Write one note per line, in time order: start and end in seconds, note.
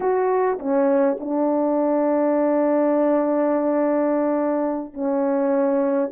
0.00 0.58 F#4
0.59 1.17 C#4
1.19 4.93 D4
4.93 6.10 C#4